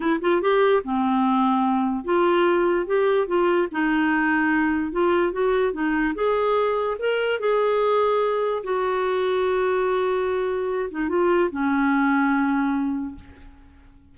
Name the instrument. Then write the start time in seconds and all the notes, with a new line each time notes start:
clarinet
0.00 E4
0.21 F4
0.41 G4
0.84 C4
2.04 F4
2.86 G4
3.27 F4
3.71 D#4
4.91 F4
5.32 F#4
5.72 D#4
6.15 G#4
6.98 A#4
7.39 G#4
8.63 F#4
10.90 D#4
11.09 F4
11.50 C#4